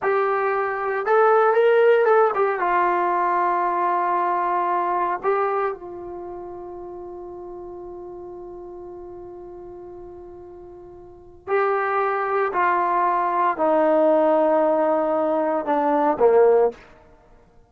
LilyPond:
\new Staff \with { instrumentName = "trombone" } { \time 4/4 \tempo 4 = 115 g'2 a'4 ais'4 | a'8 g'8 f'2.~ | f'2 g'4 f'4~ | f'1~ |
f'1~ | f'2 g'2 | f'2 dis'2~ | dis'2 d'4 ais4 | }